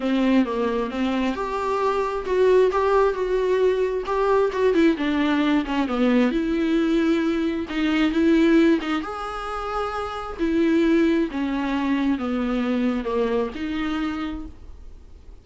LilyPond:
\new Staff \with { instrumentName = "viola" } { \time 4/4 \tempo 4 = 133 c'4 ais4 c'4 g'4~ | g'4 fis'4 g'4 fis'4~ | fis'4 g'4 fis'8 e'8 d'4~ | d'8 cis'8 b4 e'2~ |
e'4 dis'4 e'4. dis'8 | gis'2. e'4~ | e'4 cis'2 b4~ | b4 ais4 dis'2 | }